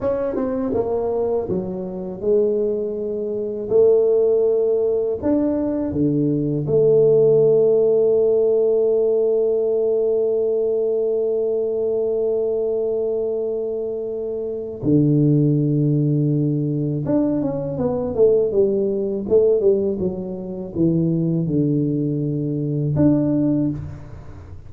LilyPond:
\new Staff \with { instrumentName = "tuba" } { \time 4/4 \tempo 4 = 81 cis'8 c'8 ais4 fis4 gis4~ | gis4 a2 d'4 | d4 a2.~ | a1~ |
a1 | d2. d'8 cis'8 | b8 a8 g4 a8 g8 fis4 | e4 d2 d'4 | }